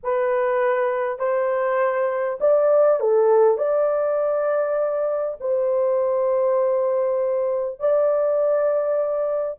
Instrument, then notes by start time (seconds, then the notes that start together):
horn
0.03 B4
1.18 C5
2.40 D5
2.99 A4
3.57 D5
5.40 C5
7.79 D5